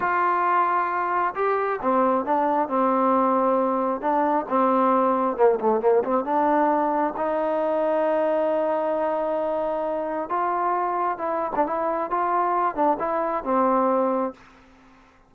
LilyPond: \new Staff \with { instrumentName = "trombone" } { \time 4/4 \tempo 4 = 134 f'2. g'4 | c'4 d'4 c'2~ | c'4 d'4 c'2 | ais8 a8 ais8 c'8 d'2 |
dis'1~ | dis'2. f'4~ | f'4 e'8. d'16 e'4 f'4~ | f'8 d'8 e'4 c'2 | }